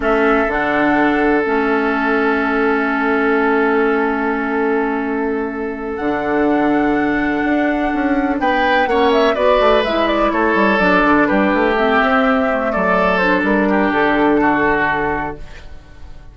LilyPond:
<<
  \new Staff \with { instrumentName = "flute" } { \time 4/4 \tempo 4 = 125 e''4 fis''2 e''4~ | e''1~ | e''1~ | e''8 fis''2.~ fis''8~ |
fis''4. g''4 fis''8 e''8 d''8~ | d''8 e''8 d''8 cis''4 d''4 b'8~ | b'8 e''2 d''4 c''8 | ais'4 a'2. | }
  \new Staff \with { instrumentName = "oboe" } { \time 4/4 a'1~ | a'1~ | a'1~ | a'1~ |
a'4. b'4 cis''4 b'8~ | b'4. a'2 g'8~ | g'2~ g'8 a'4.~ | a'8 g'4. fis'2 | }
  \new Staff \with { instrumentName = "clarinet" } { \time 4/4 cis'4 d'2 cis'4~ | cis'1~ | cis'1~ | cis'8 d'2.~ d'8~ |
d'2~ d'8 cis'4 fis'8~ | fis'8 e'2 d'4.~ | d'8 c'4. a4. d'8~ | d'1 | }
  \new Staff \with { instrumentName = "bassoon" } { \time 4/4 a4 d2 a4~ | a1~ | a1~ | a8 d2. d'8~ |
d'8 cis'4 b4 ais4 b8 | a8 gis4 a8 g8 fis8 d8 g8 | a4 c'4. fis4. | g4 d2. | }
>>